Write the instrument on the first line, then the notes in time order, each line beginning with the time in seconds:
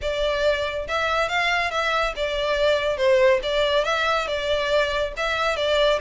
violin
0.01 D5
0.87 E5
1.29 F5
1.70 E5
2.15 D5
2.97 C5
3.42 D5
3.84 E5
4.27 D5
5.16 E5
5.56 D5